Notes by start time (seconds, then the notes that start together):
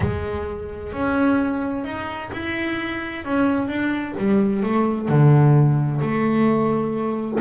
0.00 G#3
0.92 C#4
1.84 D#4
2.32 E4
3.25 C#4
3.68 D4
4.18 G3
4.63 A3
5.08 D3
6.01 A3